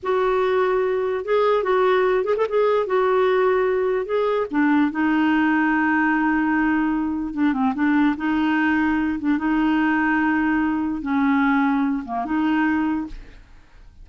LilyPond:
\new Staff \with { instrumentName = "clarinet" } { \time 4/4 \tempo 4 = 147 fis'2. gis'4 | fis'4. gis'16 a'16 gis'4 fis'4~ | fis'2 gis'4 d'4 | dis'1~ |
dis'2 d'8 c'8 d'4 | dis'2~ dis'8 d'8 dis'4~ | dis'2. cis'4~ | cis'4. ais8 dis'2 | }